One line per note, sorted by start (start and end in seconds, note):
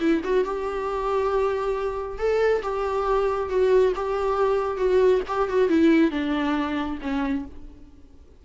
0.00 0.22 E4
0.24 0.44 F#4
0.44 2.18 G4
2.18 2.62 A4
2.63 3.49 G4
3.49 3.93 F#4
3.96 4.77 G4
4.77 5.21 F#4
5.28 5.49 G4
5.49 5.69 F#4
5.69 6.11 E4
6.11 6.99 D4
7.02 7.45 C#4